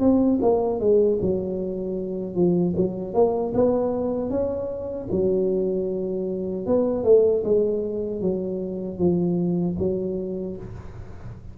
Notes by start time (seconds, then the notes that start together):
0.00 C4
0.42 A#3
0.80 G#3
1.21 F#3
2.35 F3
2.76 F#3
3.14 A#3
3.54 B3
4.30 C#4
5.11 F#3
6.66 B3
7.04 A3
7.44 G#3
8.21 F#3
8.99 F3
9.79 F#3